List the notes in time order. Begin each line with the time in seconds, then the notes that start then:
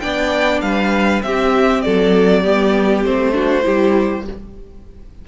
0.00 B3 D4 D5 G5
0.62 G3 B4 F5
1.23 C4 G4 E5
1.82 F#3 A4 D5
2.43 G3 B3 G4
3.05 A3 C4 C5
3.33 D4 F#4
3.63 G3 E4 G4